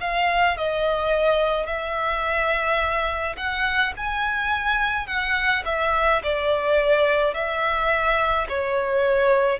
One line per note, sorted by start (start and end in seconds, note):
0.00 0.57 F5
0.57 1.66 D#5
1.66 3.36 E5
3.37 3.93 F#5
3.96 5.06 G#5
5.06 5.63 F#5
5.65 6.22 E5
6.23 7.34 D5
7.34 8.47 E5
8.49 9.59 C#5